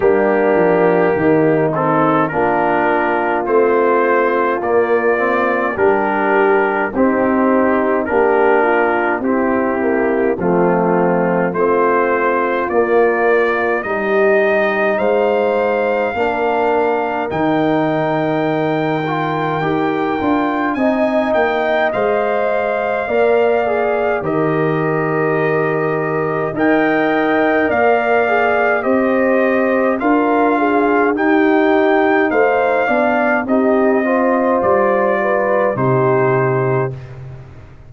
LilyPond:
<<
  \new Staff \with { instrumentName = "trumpet" } { \time 4/4 \tempo 4 = 52 g'4. a'8 ais'4 c''4 | d''4 ais'4 g'4 ais'4 | g'4 f'4 c''4 d''4 | dis''4 f''2 g''4~ |
g''2 gis''8 g''8 f''4~ | f''4 dis''2 g''4 | f''4 dis''4 f''4 g''4 | f''4 dis''4 d''4 c''4 | }
  \new Staff \with { instrumentName = "horn" } { \time 4/4 d'4 dis'4 f'2~ | f'4 g'4 dis'4 g'8 f'8 | e'4 c'4 f'2 | g'4 c''4 ais'2~ |
ais'2 dis''2 | d''4 ais'2 dis''4 | d''4 c''4 ais'8 gis'8 g'4 | c''8 d''8 g'8 c''4 b'8 g'4 | }
  \new Staff \with { instrumentName = "trombone" } { \time 4/4 ais4. c'8 d'4 c'4 | ais8 c'8 d'4 c'4 d'4 | c'8 ais8 a4 c'4 ais4 | dis'2 d'4 dis'4~ |
dis'8 f'8 g'8 f'8 dis'4 c''4 | ais'8 gis'8 g'2 ais'4~ | ais'8 gis'8 g'4 f'4 dis'4~ | dis'8 d'8 dis'8 f'4. dis'4 | }
  \new Staff \with { instrumentName = "tuba" } { \time 4/4 g8 f8 dis4 ais4 a4 | ais4 g4 c'4 ais4 | c'4 f4 a4 ais4 | g4 gis4 ais4 dis4~ |
dis4 dis'8 d'8 c'8 ais8 gis4 | ais4 dis2 dis'4 | ais4 c'4 d'4 dis'4 | a8 b8 c'4 g4 c4 | }
>>